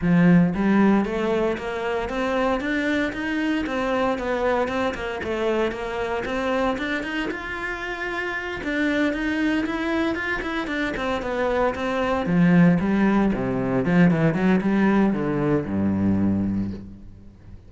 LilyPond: \new Staff \with { instrumentName = "cello" } { \time 4/4 \tempo 4 = 115 f4 g4 a4 ais4 | c'4 d'4 dis'4 c'4 | b4 c'8 ais8 a4 ais4 | c'4 d'8 dis'8 f'2~ |
f'8 d'4 dis'4 e'4 f'8 | e'8 d'8 c'8 b4 c'4 f8~ | f8 g4 c4 f8 e8 fis8 | g4 d4 g,2 | }